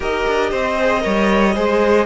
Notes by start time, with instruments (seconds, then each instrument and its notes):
0.00 cello D#4, viola G4, violin A#4 D#5
0.27 cello D4
0.50 cello C4, violin C5
0.80 viola G#4
1.00 cello G3, viola A#4, violin C#5
1.54 cello G#3, viola G#4, violin C5